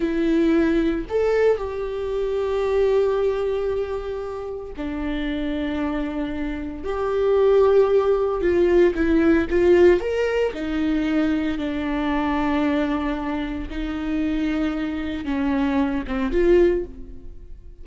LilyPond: \new Staff \with { instrumentName = "viola" } { \time 4/4 \tempo 4 = 114 e'2 a'4 g'4~ | g'1~ | g'4 d'2.~ | d'4 g'2. |
f'4 e'4 f'4 ais'4 | dis'2 d'2~ | d'2 dis'2~ | dis'4 cis'4. c'8 f'4 | }